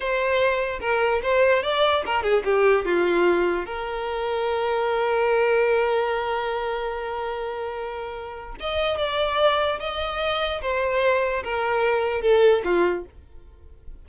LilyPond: \new Staff \with { instrumentName = "violin" } { \time 4/4 \tempo 4 = 147 c''2 ais'4 c''4 | d''4 ais'8 gis'8 g'4 f'4~ | f'4 ais'2.~ | ais'1~ |
ais'1~ | ais'4 dis''4 d''2 | dis''2 c''2 | ais'2 a'4 f'4 | }